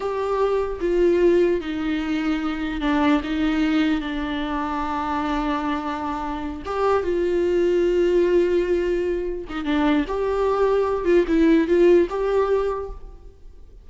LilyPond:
\new Staff \with { instrumentName = "viola" } { \time 4/4 \tempo 4 = 149 g'2 f'2 | dis'2. d'4 | dis'2 d'2~ | d'1~ |
d'8 g'4 f'2~ f'8~ | f'2.~ f'8 dis'8 | d'4 g'2~ g'8 f'8 | e'4 f'4 g'2 | }